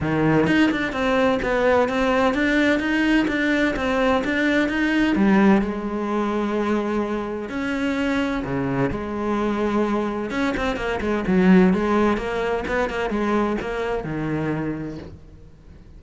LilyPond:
\new Staff \with { instrumentName = "cello" } { \time 4/4 \tempo 4 = 128 dis4 dis'8 d'8 c'4 b4 | c'4 d'4 dis'4 d'4 | c'4 d'4 dis'4 g4 | gis1 |
cis'2 cis4 gis4~ | gis2 cis'8 c'8 ais8 gis8 | fis4 gis4 ais4 b8 ais8 | gis4 ais4 dis2 | }